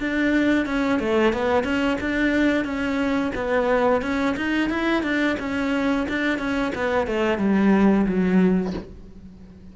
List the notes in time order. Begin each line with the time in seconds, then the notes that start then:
0.00 D4
0.66 C#4
0.99 A3
1.33 B3
1.64 C#4
2.00 D4
2.64 C#4
3.35 B3
4.02 C#4
4.37 D#4
4.69 E4
5.03 D4
5.39 C#4
6.08 D4
6.39 C#4
6.75 B3
7.07 A3
7.38 G3
8.06 F#3